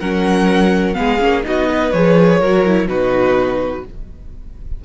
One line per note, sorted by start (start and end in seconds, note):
0.00 0.97 F#3
0.00 0.94 C#4
0.00 0.96 A#4
0.00 0.94 F#5
0.94 1.21 G#3
0.94 1.18 B3
0.94 1.46 G#4
0.94 1.42 F5
1.20 1.45 A#3
1.20 1.43 C#4
1.43 1.93 B3
1.43 1.91 D#4
1.43 1.69 F#4
1.43 1.92 D#5
1.69 2.39 B4
1.92 2.41 F3
1.92 2.42 G#4
1.92 2.88 C#5
2.39 2.89 F#3
2.39 2.66 F#4
2.39 2.87 A#4
2.66 2.88 E4
2.88 3.85 B2
2.88 3.84 D#4
2.88 3.85 F#4
2.88 3.85 B4